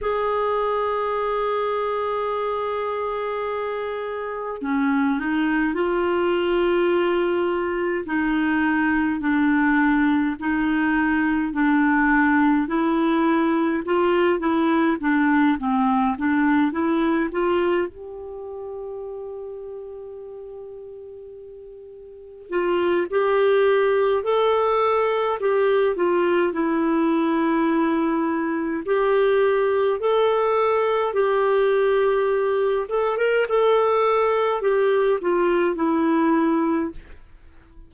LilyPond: \new Staff \with { instrumentName = "clarinet" } { \time 4/4 \tempo 4 = 52 gis'1 | cis'8 dis'8 f'2 dis'4 | d'4 dis'4 d'4 e'4 | f'8 e'8 d'8 c'8 d'8 e'8 f'8 g'8~ |
g'2.~ g'8 f'8 | g'4 a'4 g'8 f'8 e'4~ | e'4 g'4 a'4 g'4~ | g'8 a'16 ais'16 a'4 g'8 f'8 e'4 | }